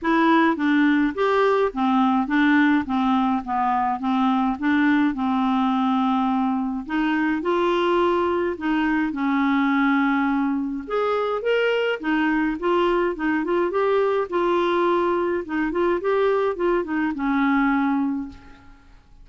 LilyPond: \new Staff \with { instrumentName = "clarinet" } { \time 4/4 \tempo 4 = 105 e'4 d'4 g'4 c'4 | d'4 c'4 b4 c'4 | d'4 c'2. | dis'4 f'2 dis'4 |
cis'2. gis'4 | ais'4 dis'4 f'4 dis'8 f'8 | g'4 f'2 dis'8 f'8 | g'4 f'8 dis'8 cis'2 | }